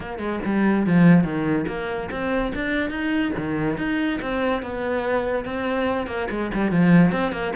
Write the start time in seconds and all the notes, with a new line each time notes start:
0.00 A#3
0.18 G#3
0.45 G3
0.86 F3
1.23 D#3
1.67 A#3
2.10 C4
2.54 D4
2.90 D#4
3.37 D#3
3.77 D#4
4.21 C4
4.62 B3
5.45 C4
6.06 A#3
6.30 G#3
6.53 G3
6.71 F3
7.12 C4
7.31 A#3